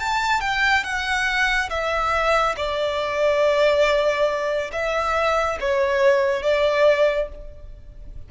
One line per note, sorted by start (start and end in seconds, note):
0.00 0.41 A5
0.41 0.84 G5
0.84 1.69 F#5
1.70 2.56 E5
2.57 4.71 D5
4.73 5.58 E5
5.60 6.43 C#5
6.43 7.29 D5